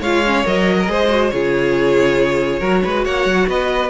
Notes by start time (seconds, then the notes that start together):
0.00 G#3 F4 C#5 F5
0.26 C#4
0.45 F#3 A#4 D#5
0.79 A#4
0.86 G#3 G#4 C5
1.10 F#4
1.30 C#3 F4 G#4 C#5
2.59 F#3 F#4 A#4
2.84 G#3 B4
3.04 A#3 C#5 F#5
3.26 F#3
3.47 B3 B4 D#5